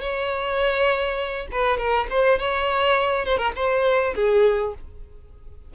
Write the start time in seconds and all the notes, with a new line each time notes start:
0.00 C#5
1.51 B4
1.77 A#4
2.10 C5
2.39 C#5
3.25 C5
3.37 A#4
3.55 C5
4.15 G#4